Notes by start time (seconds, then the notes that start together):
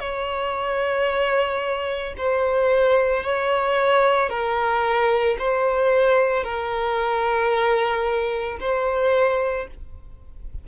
0.00 C#5
2.18 C5
3.23 C#5
4.30 A#4
5.39 C5
6.44 A#4
8.61 C5